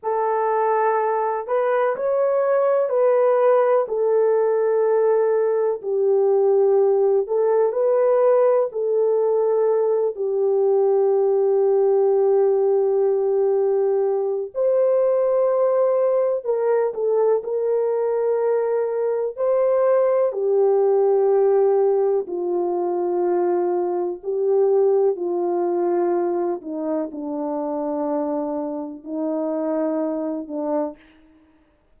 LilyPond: \new Staff \with { instrumentName = "horn" } { \time 4/4 \tempo 4 = 62 a'4. b'8 cis''4 b'4 | a'2 g'4. a'8 | b'4 a'4. g'4.~ | g'2. c''4~ |
c''4 ais'8 a'8 ais'2 | c''4 g'2 f'4~ | f'4 g'4 f'4. dis'8 | d'2 dis'4. d'8 | }